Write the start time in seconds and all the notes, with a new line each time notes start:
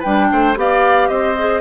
0.00 G3 D4 B4 G5
0.32 A3 C5
0.56 B3 G4 D5 F5
1.09 C4 C5 D#5
1.39 G#4